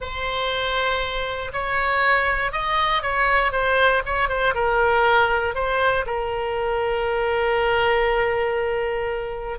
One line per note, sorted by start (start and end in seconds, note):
0.00 1.52 C5
1.52 2.52 C#5
2.52 3.02 D#5
3.02 3.52 C#5
3.52 4.02 C5
4.05 4.29 C#5
4.29 4.54 C5
4.54 5.55 A#4
5.55 6.05 C5
6.06 9.58 A#4